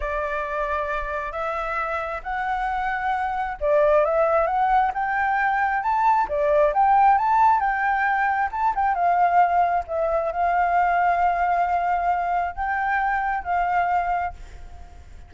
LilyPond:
\new Staff \with { instrumentName = "flute" } { \time 4/4 \tempo 4 = 134 d''2. e''4~ | e''4 fis''2. | d''4 e''4 fis''4 g''4~ | g''4 a''4 d''4 g''4 |
a''4 g''2 a''8 g''8 | f''2 e''4 f''4~ | f''1 | g''2 f''2 | }